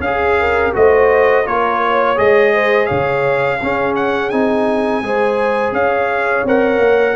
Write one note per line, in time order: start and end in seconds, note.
0.00 0.71 C#4
0.00 0.72 G#4
0.00 0.40 G#4
0.00 0.72 F5
0.40 0.75 A#4
0.72 1.46 A3
0.72 1.44 F#4
0.72 1.46 C5
0.72 1.47 D#5
1.45 2.17 A#3
1.45 2.15 F4
1.45 1.81 A#4
1.45 2.18 C#5
1.83 2.53 C#5
2.15 2.90 G#3
2.15 3.58 G#4
2.15 2.86 D#5
2.53 2.86 C5
2.86 3.62 C#3
2.86 3.58 C#5
2.86 3.93 F5
3.62 4.32 C#4
3.62 4.31 C#4
3.62 5.05 G#4
3.95 4.29 F#5
4.29 5.02 C4
4.29 5.03 D#4
4.29 5.72 G#5
5.02 5.72 G#3
5.02 6.46 G#4
5.02 5.74 C5
5.72 6.43 C#4
5.72 7.16 C#5
5.72 6.45 F5
6.45 6.79 C4
6.45 7.16 A#4
6.45 7.16 F#5
6.79 7.14 A#3